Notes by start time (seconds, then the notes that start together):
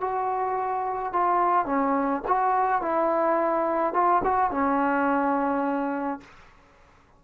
0.00 F#4
1.12 F4
1.65 C#4
2.27 F#4
2.81 E4
3.93 F4
4.23 F#4
4.50 C#4